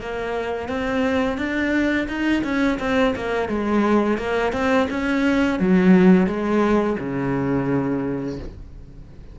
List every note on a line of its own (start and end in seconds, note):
0.00 0.68 A#3
0.68 1.37 C4
1.37 2.07 D4
2.08 2.43 D#4
2.43 2.78 C#4
2.79 3.14 C4
3.16 3.48 A#3
3.48 4.17 G#3
4.17 4.52 A#3
4.52 4.87 C4
4.90 5.59 C#4
5.59 6.26 F#3
6.26 6.96 G#3
6.99 8.38 C#3